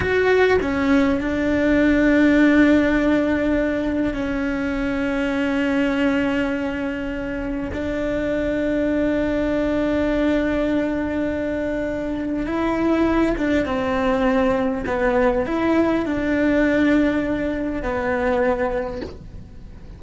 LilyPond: \new Staff \with { instrumentName = "cello" } { \time 4/4 \tempo 4 = 101 fis'4 cis'4 d'2~ | d'2. cis'4~ | cis'1~ | cis'4 d'2.~ |
d'1~ | d'4 e'4. d'8 c'4~ | c'4 b4 e'4 d'4~ | d'2 b2 | }